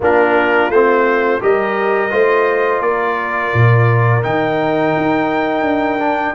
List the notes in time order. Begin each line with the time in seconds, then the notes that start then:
0.00 A#3 D4 F4 A#4
0.69 A3 C4 C5
1.40 G3 G4 A#4 D#5
2.10 A3 F4 C5
2.81 A#3 A#4 D5
3.53 A#2
4.22 D#3 D#4 G5
4.96 D#4
5.61 D4
5.99 D4